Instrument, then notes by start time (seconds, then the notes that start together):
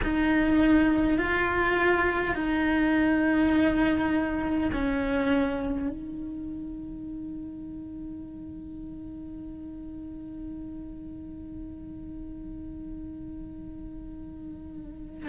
cello
0.03 D#4
1.18 F4
2.34 D#4
4.72 C#4
5.89 D#4